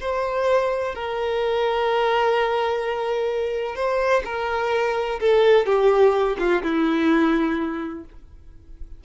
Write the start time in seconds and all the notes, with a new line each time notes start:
0.00 C5
0.94 A#4
3.75 C5
4.25 A#4
5.20 A4
5.66 G4
6.38 F4
6.62 E4